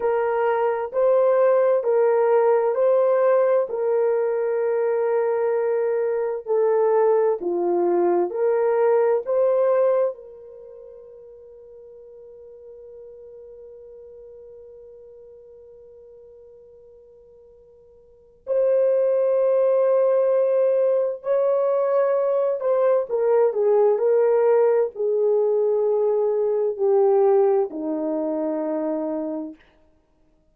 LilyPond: \new Staff \with { instrumentName = "horn" } { \time 4/4 \tempo 4 = 65 ais'4 c''4 ais'4 c''4 | ais'2. a'4 | f'4 ais'4 c''4 ais'4~ | ais'1~ |
ais'1 | c''2. cis''4~ | cis''8 c''8 ais'8 gis'8 ais'4 gis'4~ | gis'4 g'4 dis'2 | }